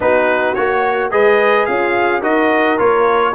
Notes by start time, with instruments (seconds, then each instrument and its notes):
0.00 tuba B3, trombone D#4, horn F#4, trumpet B4
0.54 tuba A#3, trombone F#4, trumpet C#5
1.11 tuba G#3, trombone G#4, horn B4, trumpet D#5
1.66 tuba C#4, horn F4, trumpet F5
2.20 tuba D#4, trombone F#4, horn A#4, trumpet D#5
2.77 tuba A#3, trombone F4, trumpet C#5